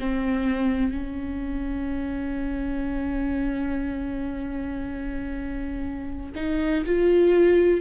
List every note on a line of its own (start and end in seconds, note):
0.00 0.92 C4
0.92 6.33 C#4
6.36 6.85 D#4
6.86 7.82 F4